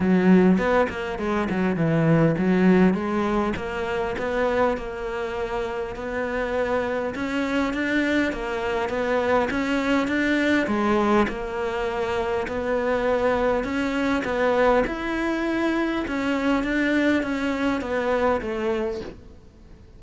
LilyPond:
\new Staff \with { instrumentName = "cello" } { \time 4/4 \tempo 4 = 101 fis4 b8 ais8 gis8 fis8 e4 | fis4 gis4 ais4 b4 | ais2 b2 | cis'4 d'4 ais4 b4 |
cis'4 d'4 gis4 ais4~ | ais4 b2 cis'4 | b4 e'2 cis'4 | d'4 cis'4 b4 a4 | }